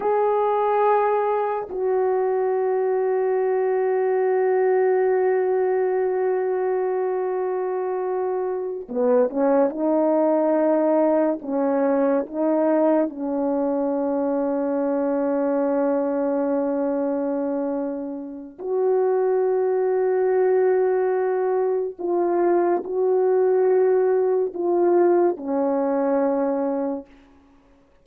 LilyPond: \new Staff \with { instrumentName = "horn" } { \time 4/4 \tempo 4 = 71 gis'2 fis'2~ | fis'1~ | fis'2~ fis'8 b8 cis'8 dis'8~ | dis'4. cis'4 dis'4 cis'8~ |
cis'1~ | cis'2 fis'2~ | fis'2 f'4 fis'4~ | fis'4 f'4 cis'2 | }